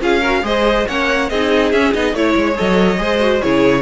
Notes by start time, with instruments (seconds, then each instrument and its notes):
0.00 cello C#4, viola F4, violin G#4 F5
0.20 viola F#4, violin A#4
0.42 cello G#3, viola G#4, violin C5 D#5
0.87 cello A#3, viola C#4, violin C#5 F#5
1.29 cello C4, viola D#4, violin G#4 D#5
1.72 cello C#4, viola C#4, violin E5
1.93 cello B3, viola D#4, violin D#5
2.13 cello A3, viola E4, violin C#5
2.36 cello G#3
2.54 cello F#3, viola A4, violin D#5
2.97 cello G#3, viola G#4, violin C5
3.20 viola F#4
3.42 cello C#3, viola E4, violin G#4 C#5